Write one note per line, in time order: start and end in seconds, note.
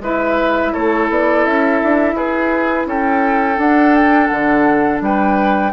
0.00 0.71 G#3
0.00 3.56 E4
0.00 0.72 B4
0.00 0.73 E5
0.72 1.09 A3
0.72 2.15 A4
0.72 1.09 C#5
1.09 1.45 B3
1.09 1.45 D5
1.45 1.81 C#4
1.45 2.16 E5
1.83 2.13 D4
2.13 2.85 E4
2.13 2.87 G#4
2.13 2.88 B4
2.86 3.57 C#4
2.86 5.02 A4
2.86 3.60 G5
3.56 5.71 D4
3.56 4.29 D4
3.56 3.95 F#5
3.95 4.27 G5
4.27 5.01 D3
4.27 4.99 F#5
5.01 5.72 G3
5.01 5.72 B4
5.01 5.72 G5